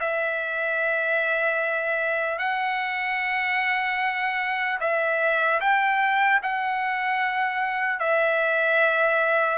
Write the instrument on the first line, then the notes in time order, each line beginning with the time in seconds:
trumpet
0.00 E5
2.39 F#5
4.80 E5
5.60 G5
6.42 F#5
7.99 E5